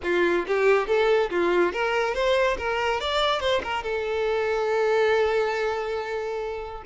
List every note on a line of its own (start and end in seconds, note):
0.03 0.46 F4
0.47 0.87 G4
0.87 1.30 A4
1.30 1.72 F4
1.72 2.14 A#4
2.14 2.57 C5
2.57 3.00 A#4
3.00 3.40 D5
3.40 3.61 C5
3.63 3.83 A#4
3.83 6.83 A4